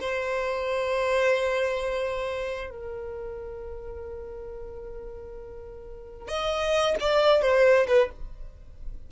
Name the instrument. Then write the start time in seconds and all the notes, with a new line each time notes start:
violin
0.00 C5
2.70 A#4
6.27 D#5
7.00 D5
7.41 C5
7.87 B4